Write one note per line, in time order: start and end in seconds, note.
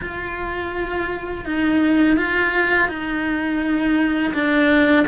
0.01 1.45 F4
1.45 2.17 D#4
2.17 2.88 F4
2.88 4.32 D#4
4.33 5.05 D4